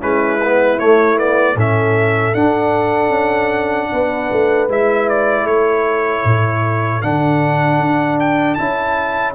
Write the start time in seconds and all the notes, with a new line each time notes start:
0.00 G#3 C#4 E4 B4
0.43 B3
0.79 A3 C#5
1.17 B3 D5
1.56 A2 C#4 A4 E5
2.35 D4 F#5
3.10 C#4
3.93 B3 B4
4.32 A3
4.69 G#3 E4 E5
5.10 D5
5.44 A3 A4 C#5
6.25 A2
7.02 D3 D4 F#5
7.80 D4
8.20 G5
8.55 C#4 E4 A5